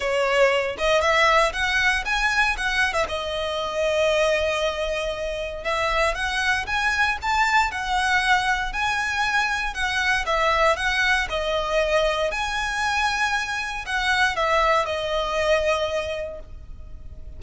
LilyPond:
\new Staff \with { instrumentName = "violin" } { \time 4/4 \tempo 4 = 117 cis''4. dis''8 e''4 fis''4 | gis''4 fis''8. e''16 dis''2~ | dis''2. e''4 | fis''4 gis''4 a''4 fis''4~ |
fis''4 gis''2 fis''4 | e''4 fis''4 dis''2 | gis''2. fis''4 | e''4 dis''2. | }